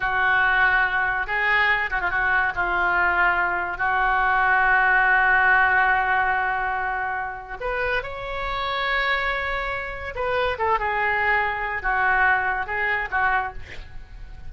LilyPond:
\new Staff \with { instrumentName = "oboe" } { \time 4/4 \tempo 4 = 142 fis'2. gis'4~ | gis'8 fis'16 f'16 fis'4 f'2~ | f'4 fis'2.~ | fis'1~ |
fis'2 b'4 cis''4~ | cis''1 | b'4 a'8 gis'2~ gis'8 | fis'2 gis'4 fis'4 | }